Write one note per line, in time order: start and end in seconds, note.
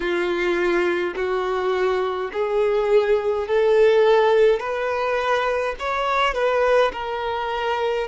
0.00 1.14 F4
1.15 2.31 F#4
2.32 3.47 G#4
3.47 4.59 A4
4.59 5.75 B4
5.78 6.34 C#5
6.34 6.91 B4
6.92 8.07 A#4